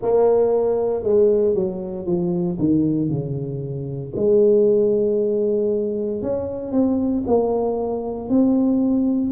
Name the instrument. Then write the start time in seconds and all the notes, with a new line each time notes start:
tuba
0.02 A#3
1.03 G#3
1.54 F#3
2.05 F3
2.59 D#3
3.09 C#3
4.16 G#3
6.22 C#4
6.71 C4
7.26 A#3
8.29 C4